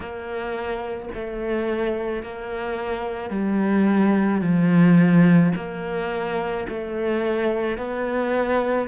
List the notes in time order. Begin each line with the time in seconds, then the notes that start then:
0.00 A#3
1.14 A3
2.22 A#3
3.30 G3
4.41 F3
5.56 A#3
6.68 A3
7.77 B3